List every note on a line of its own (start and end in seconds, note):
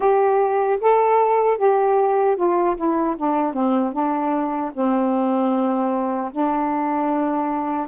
0.00 0.79 G4
0.80 1.57 A4
1.57 2.36 G4
2.36 2.76 F4
2.76 3.16 E4
3.17 3.53 D4
3.53 3.92 C4
3.92 4.71 D4
4.73 6.31 C4
6.32 7.87 D4